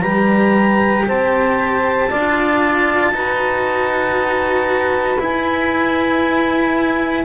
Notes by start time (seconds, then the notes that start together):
0.00 G3 G4 B4 A#5
1.07 C4 C5 A5
2.08 D4 F4 D5
3.11 D#4 F#4 B4
5.18 E4 G#5